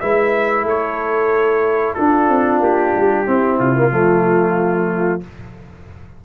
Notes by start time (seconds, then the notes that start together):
0.00 G#3 E4 B4 E5
0.62 A3 A4 C#5
1.93 D4 F4 A4
2.28 C4
2.60 A#3 G4
2.95 G3
3.24 C4 E4
3.59 C3 F4
3.75 A#3
3.90 F3 A3 F4